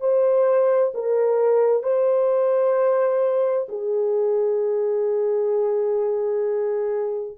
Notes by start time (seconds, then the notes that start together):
0.00 C5
0.94 A#4
1.83 C5
3.68 G#4